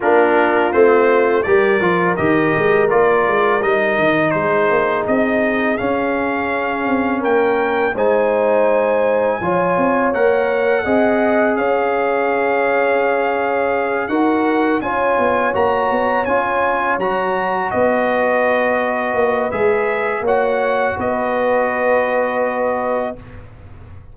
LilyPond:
<<
  \new Staff \with { instrumentName = "trumpet" } { \time 4/4 \tempo 4 = 83 ais'4 c''4 d''4 dis''4 | d''4 dis''4 c''4 dis''4 | f''2 g''4 gis''4~ | gis''2 fis''2 |
f''2.~ f''8 fis''8~ | fis''8 gis''4 ais''4 gis''4 ais''8~ | ais''8 dis''2~ dis''8 e''4 | fis''4 dis''2. | }
  \new Staff \with { instrumentName = "horn" } { \time 4/4 f'2 ais'2~ | ais'2 gis'2~ | gis'2 ais'4 c''4~ | c''4 cis''2 dis''4 |
cis''2.~ cis''8 ais'8~ | ais'8 cis''2.~ cis''8~ | cis''8 b'2.~ b'8 | cis''4 b'2. | }
  \new Staff \with { instrumentName = "trombone" } { \time 4/4 d'4 c'4 g'8 f'8 g'4 | f'4 dis'2. | cis'2. dis'4~ | dis'4 f'4 ais'4 gis'4~ |
gis'2.~ gis'8 fis'8~ | fis'8 f'4 fis'4 f'4 fis'8~ | fis'2. gis'4 | fis'1 | }
  \new Staff \with { instrumentName = "tuba" } { \time 4/4 ais4 a4 g8 f8 dis8 gis8 | ais8 gis8 g8 dis8 gis8 ais8 c'4 | cis'4. c'8 ais4 gis4~ | gis4 f8 c'8 ais4 c'4 |
cis'2.~ cis'8 dis'8~ | dis'8 cis'8 b8 ais8 b8 cis'4 fis8~ | fis8 b2 ais8 gis4 | ais4 b2. | }
>>